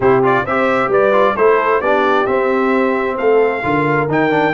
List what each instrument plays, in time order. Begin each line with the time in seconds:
0.00 tuba C3, trombone E4, horn G4, trumpet C5
0.22 trombone F4, trumpet D5
0.43 tuba C4, trombone G4, horn C5, trumpet E5
0.88 tuba G3, horn B4, trumpet D5
1.12 trombone F4
1.36 tuba A3, trombone E4, horn A4, trumpet C5
1.80 tuba B3, trombone D4, horn G4, trumpet D5
2.26 tuba C4, trombone C4, trumpet E5
3.17 tuba A3, horn A4, trumpet F5
3.62 tuba D3, trombone F4, horn A#4
4.07 tuba D#3, trombone D#4, trumpet G5
4.30 trombone D4